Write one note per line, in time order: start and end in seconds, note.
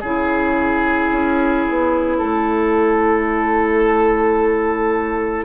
0.00 1.11 C#3
0.00 5.45 E4
0.00 2.18 G#4
0.00 5.45 C#5
1.11 1.66 C#4
1.69 2.20 B3
2.18 5.45 A3
2.18 5.45 A4